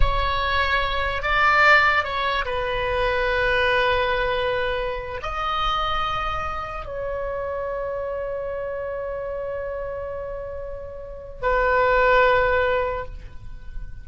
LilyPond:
\new Staff \with { instrumentName = "oboe" } { \time 4/4 \tempo 4 = 147 cis''2. d''4~ | d''4 cis''4 b'2~ | b'1~ | b'8. dis''2.~ dis''16~ |
dis''8. cis''2.~ cis''16~ | cis''1~ | cis''1 | b'1 | }